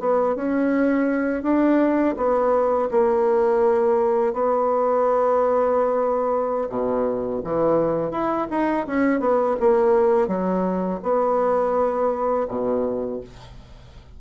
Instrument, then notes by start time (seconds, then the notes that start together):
bassoon
0.00 B3
0.36 C#4
1.43 D4
2.17 B3
2.91 A#3
4.34 B3
6.69 B2
7.44 E3
8.11 E4
8.51 D#4
8.87 C#4
9.20 B3
9.60 A#3
10.28 F#3
11.03 B3
12.48 B2